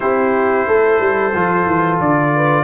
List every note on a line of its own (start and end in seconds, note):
0.00 0.67 C4
0.00 1.33 E4
0.00 0.67 G4
0.00 1.99 C5
0.67 1.00 A3
0.67 2.34 A4
1.00 1.33 G3
1.34 1.66 F3
1.34 2.63 F4
1.66 1.99 E3
2.00 2.63 D3
2.00 2.63 D5
2.35 2.63 B4